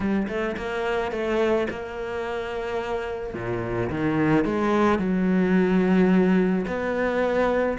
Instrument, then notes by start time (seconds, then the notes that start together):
cello
0.00 G3
0.28 A3
0.56 A#3
1.11 A3
1.69 A#3
3.34 A#2
3.89 D#3
4.44 G#3
4.98 F#3
6.67 B3